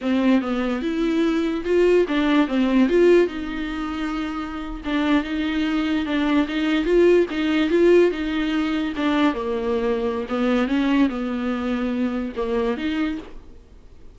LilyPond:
\new Staff \with { instrumentName = "viola" } { \time 4/4 \tempo 4 = 146 c'4 b4 e'2 | f'4 d'4 c'4 f'4 | dis'2.~ dis'8. d'16~ | d'8. dis'2 d'4 dis'16~ |
dis'8. f'4 dis'4 f'4 dis'16~ | dis'4.~ dis'16 d'4 ais4~ ais16~ | ais4 b4 cis'4 b4~ | b2 ais4 dis'4 | }